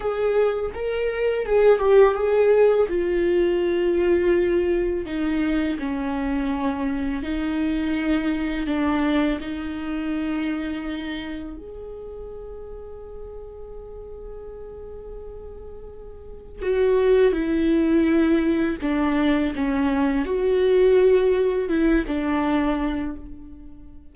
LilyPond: \new Staff \with { instrumentName = "viola" } { \time 4/4 \tempo 4 = 83 gis'4 ais'4 gis'8 g'8 gis'4 | f'2. dis'4 | cis'2 dis'2 | d'4 dis'2. |
gis'1~ | gis'2. fis'4 | e'2 d'4 cis'4 | fis'2 e'8 d'4. | }